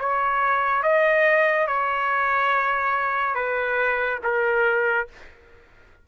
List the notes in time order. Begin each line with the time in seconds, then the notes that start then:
0.00 C#5
0.83 D#5
1.67 C#5
3.35 B4
4.24 A#4